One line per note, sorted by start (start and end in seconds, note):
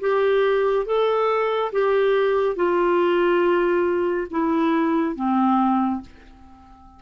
0.00 0.86 G4
0.86 1.71 A4
1.72 2.56 G4
2.56 4.27 F4
4.30 5.15 E4
5.15 6.01 C4